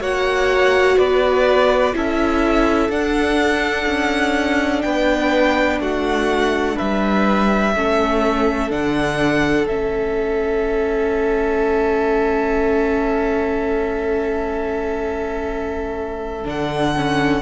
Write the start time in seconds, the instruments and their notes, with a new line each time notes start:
0.00 cello A#3, viola F#4, violin C#5 F#5
0.98 cello B3, violin B4 D5
1.94 cello C#4, viola E4, violin A4 E5
2.89 cello D4, viola D4, violin F#5
3.86 cello C#4
4.82 cello B3, violin B4 G5
5.80 cello A3, violin F#4 F#5
6.76 cello G3, violin B4 E5
7.75 cello A3, viola C#4, violin A4
8.70 cello D3, viola D4, violin F#5
9.67 cello A3, viola C#4, violin E5
16.44 cello D3, viola D4, violin F#5
16.97 viola C#4